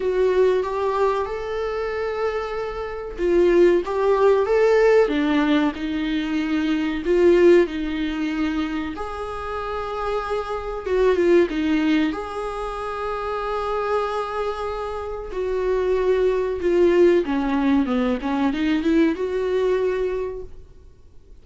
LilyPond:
\new Staff \with { instrumentName = "viola" } { \time 4/4 \tempo 4 = 94 fis'4 g'4 a'2~ | a'4 f'4 g'4 a'4 | d'4 dis'2 f'4 | dis'2 gis'2~ |
gis'4 fis'8 f'8 dis'4 gis'4~ | gis'1 | fis'2 f'4 cis'4 | b8 cis'8 dis'8 e'8 fis'2 | }